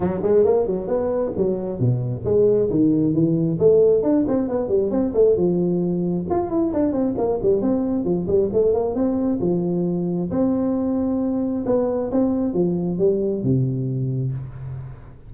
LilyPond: \new Staff \with { instrumentName = "tuba" } { \time 4/4 \tempo 4 = 134 fis8 gis8 ais8 fis8 b4 fis4 | b,4 gis4 dis4 e4 | a4 d'8 c'8 b8 g8 c'8 a8 | f2 f'8 e'8 d'8 c'8 |
ais8 g8 c'4 f8 g8 a8 ais8 | c'4 f2 c'4~ | c'2 b4 c'4 | f4 g4 c2 | }